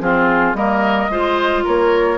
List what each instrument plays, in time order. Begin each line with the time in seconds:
0.00 bassoon F3, clarinet C4, oboe F4, flute G#4
0.53 bassoon G3, clarinet A#3, oboe A#4, flute D#5
1.09 bassoon G#3, clarinet F4, oboe C5
1.64 bassoon A#3, oboe A#4, flute C#5